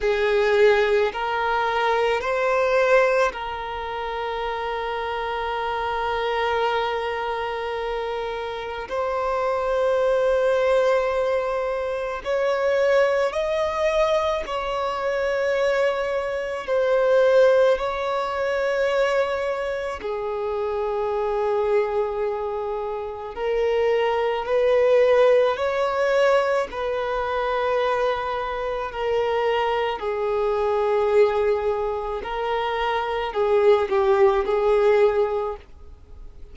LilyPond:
\new Staff \with { instrumentName = "violin" } { \time 4/4 \tempo 4 = 54 gis'4 ais'4 c''4 ais'4~ | ais'1 | c''2. cis''4 | dis''4 cis''2 c''4 |
cis''2 gis'2~ | gis'4 ais'4 b'4 cis''4 | b'2 ais'4 gis'4~ | gis'4 ais'4 gis'8 g'8 gis'4 | }